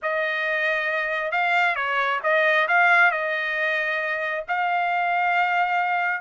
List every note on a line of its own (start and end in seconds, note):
0.02 1.31 D#5
1.31 1.75 F5
1.75 2.20 C#5
2.23 2.67 D#5
2.68 3.11 F5
3.11 4.44 D#5
4.47 6.21 F5